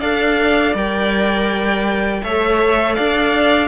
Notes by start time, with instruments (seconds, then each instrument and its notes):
0.00 cello D4, viola A4, violin D5 F5
0.74 cello G3, viola A#4, violin G5
2.24 cello A3, viola A4, violin C#5 E5
2.95 cello D4, violin D5 F5